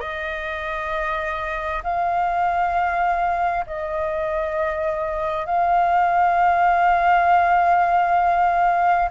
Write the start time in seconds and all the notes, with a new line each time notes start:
0.00 D#5
1.83 F5
3.67 D#5
5.45 F5